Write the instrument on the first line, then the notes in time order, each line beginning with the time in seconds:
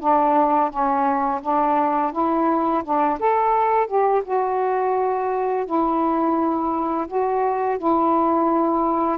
saxophone
0.00 D4
0.70 C#4
1.42 D4
2.13 E4
2.84 D4
3.20 A4
3.88 G4
4.25 F#4
5.66 E4
7.08 F#4
7.78 E4